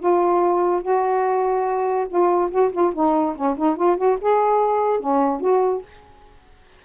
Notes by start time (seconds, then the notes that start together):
0.00 F4
0.82 F#4
2.09 F4
2.51 F#4
2.72 F4
2.94 D#4
3.36 C#4
3.57 D#4
3.77 F4
3.97 F#4
4.21 G#4
5.00 C#4
5.41 F#4